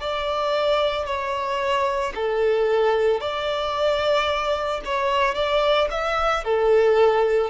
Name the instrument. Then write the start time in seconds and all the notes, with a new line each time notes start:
violin
0.00 D5
1.06 C#5
2.15 A4
3.20 D5
4.85 C#5
5.34 D5
5.90 E5
6.44 A4